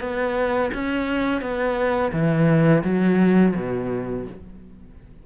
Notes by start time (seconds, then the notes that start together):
0.00 B3
0.73 C#4
1.41 B3
2.12 E3
2.84 F#3
3.56 B2